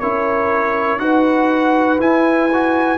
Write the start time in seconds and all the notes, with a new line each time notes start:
0.00 C#4 E4 A#4 C#5
0.98 D#4 F#4 B4 F#5
1.99 E4 G#5
2.53 F#4